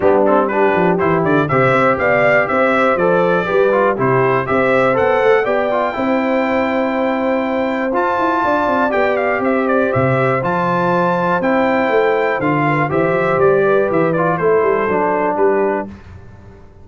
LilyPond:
<<
  \new Staff \with { instrumentName = "trumpet" } { \time 4/4 \tempo 4 = 121 g'8 a'8 b'4 c''8 d''8 e''4 | f''4 e''4 d''2 | c''4 e''4 fis''4 g''4~ | g''1 |
a''2 g''8 f''8 e''8 d''8 | e''4 a''2 g''4~ | g''4 f''4 e''4 d''4 | e''8 d''8 c''2 b'4 | }
  \new Staff \with { instrumentName = "horn" } { \time 4/4 d'4 g'2 c''4 | d''4 c''2 b'4 | g'4 c''2 d''4 | c''1~ |
c''4 d''2 c''4~ | c''1~ | c''4. b'8 c''4. b'8~ | b'4 a'2 g'4 | }
  \new Staff \with { instrumentName = "trombone" } { \time 4/4 b8 c'8 d'4 e'4 g'4~ | g'2 a'4 g'8 f'8 | e'4 g'4 a'4 g'8 f'8 | e'1 |
f'2 g'2~ | g'4 f'2 e'4~ | e'4 f'4 g'2~ | g'8 f'8 e'4 d'2 | }
  \new Staff \with { instrumentName = "tuba" } { \time 4/4 g4. f8 e8 d8 c8 c'8 | b4 c'4 f4 g4 | c4 c'4 b8 a8 b4 | c'1 |
f'8 e'8 d'8 c'8 b4 c'4 | c4 f2 c'4 | a4 d4 e8 f8 g4 | e4 a8 g8 fis4 g4 | }
>>